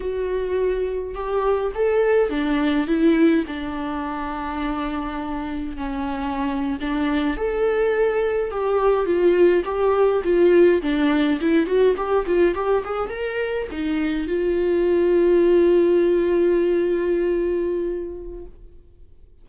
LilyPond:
\new Staff \with { instrumentName = "viola" } { \time 4/4 \tempo 4 = 104 fis'2 g'4 a'4 | d'4 e'4 d'2~ | d'2 cis'4.~ cis'16 d'16~ | d'8. a'2 g'4 f'16~ |
f'8. g'4 f'4 d'4 e'16~ | e'16 fis'8 g'8 f'8 g'8 gis'8 ais'4 dis'16~ | dis'8. f'2.~ f'16~ | f'1 | }